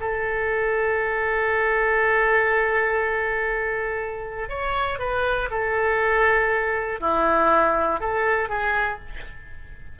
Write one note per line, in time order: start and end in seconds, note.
0.00 4.49 A4
4.49 4.99 C#5
4.99 5.49 B4
5.51 7.00 A4
7.00 8.00 E4
8.00 8.49 A4
8.49 8.99 G#4